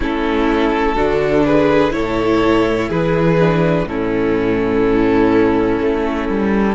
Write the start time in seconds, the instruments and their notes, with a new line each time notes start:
0.00 cello A3, viola C#4, violin E4 A4
0.95 cello D3, viola D4, violin F#4
1.45 violin G#4 B4
1.90 cello A2, viola E4, violin A4 C#5
2.89 cello E3, violin G#4 B4
3.39 viola D4
3.84 cello A2, viola C#4, violin E4 A4
5.81 cello A3
6.28 cello G3